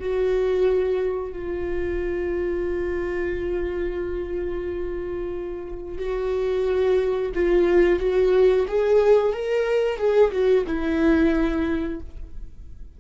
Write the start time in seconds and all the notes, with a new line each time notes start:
0.00 F#4
1.32 F4
5.98 F#4
7.35 F4
8.00 F#4
8.68 G#4
9.33 A#4
9.98 G#4
10.32 F#4
10.67 E4